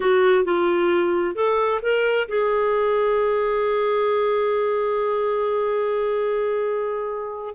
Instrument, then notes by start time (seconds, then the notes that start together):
clarinet
0.00 F#4
0.44 F4
1.35 A4
1.82 A#4
2.28 G#4